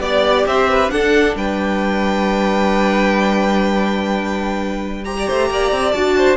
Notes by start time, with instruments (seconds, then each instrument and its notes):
0.00 cello B3, viola G4, violin D5
0.46 cello C4, violin C5 E5
0.70 violin B4
0.89 viola D4, cello D4, violin A4 F#5
1.36 cello G3, violin B4 G5
5.05 viola G4, violin C5 A#5
5.19 violin D5
5.27 cello A3, violin C5
5.50 cello A#3, violin D5
5.72 cello C4
5.92 cello D4, viola F#4, violin A5
6.17 violin C5